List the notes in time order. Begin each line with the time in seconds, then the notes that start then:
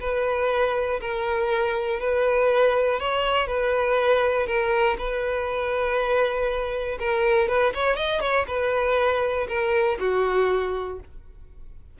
0.00 B4
1.01 A#4
2.00 B4
3.00 C#5
3.47 B4
4.47 A#4
4.98 B4
6.99 A#4
7.48 B4
7.74 C#5
7.96 D#5
8.21 C#5
8.47 B4
9.48 A#4
10.00 F#4